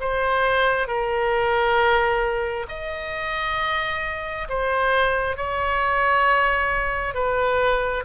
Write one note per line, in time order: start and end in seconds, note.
0.00 0.87 C5
0.87 2.66 A#4
2.68 4.47 D#5
4.49 5.36 C5
5.36 7.14 C#5
7.14 8.04 B4